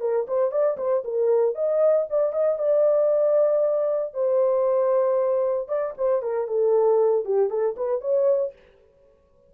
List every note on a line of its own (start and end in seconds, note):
0.00 0.26 A#4
0.27 0.51 C5
0.51 0.77 D5
0.77 1.03 C5
1.04 1.55 A#4
1.55 2.06 D#5
2.10 2.32 D5
2.32 2.58 D#5
2.58 4.14 D5
4.14 5.68 C5
5.68 5.94 D5
5.97 6.22 C5
6.22 6.47 A#4
6.47 7.25 A4
7.25 7.50 G4
7.50 7.75 A4
7.77 8.01 B4
8.01 8.53 C#5